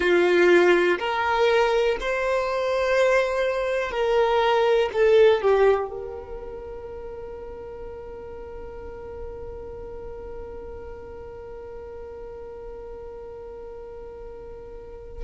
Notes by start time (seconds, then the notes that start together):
0.00 F4
0.98 A#4
2.00 C5
3.91 A#4
4.92 A4
5.41 G4
5.90 A#4